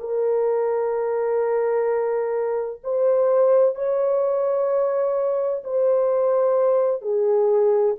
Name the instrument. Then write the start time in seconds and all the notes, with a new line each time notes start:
horn
0.00 A#4
2.84 C5
3.75 C#5
5.64 C5
7.01 G#4